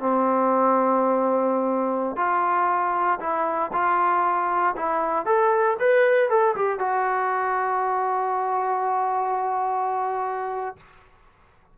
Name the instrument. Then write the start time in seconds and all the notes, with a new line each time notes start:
trombone
0.00 C4
2.17 F4
3.20 E4
3.73 F4
4.76 E4
5.26 A4
5.80 B4
6.30 A4
6.56 G4
6.79 F#4